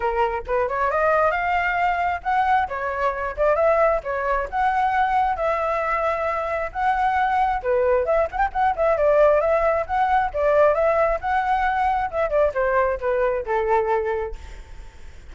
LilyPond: \new Staff \with { instrumentName = "flute" } { \time 4/4 \tempo 4 = 134 ais'4 b'8 cis''8 dis''4 f''4~ | f''4 fis''4 cis''4. d''8 | e''4 cis''4 fis''2 | e''2. fis''4~ |
fis''4 b'4 e''8 fis''16 g''16 fis''8 e''8 | d''4 e''4 fis''4 d''4 | e''4 fis''2 e''8 d''8 | c''4 b'4 a'2 | }